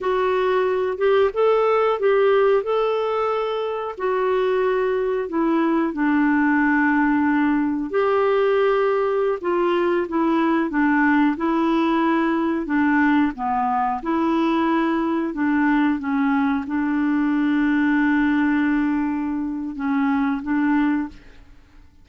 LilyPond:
\new Staff \with { instrumentName = "clarinet" } { \time 4/4 \tempo 4 = 91 fis'4. g'8 a'4 g'4 | a'2 fis'2 | e'4 d'2. | g'2~ g'16 f'4 e'8.~ |
e'16 d'4 e'2 d'8.~ | d'16 b4 e'2 d'8.~ | d'16 cis'4 d'2~ d'8.~ | d'2 cis'4 d'4 | }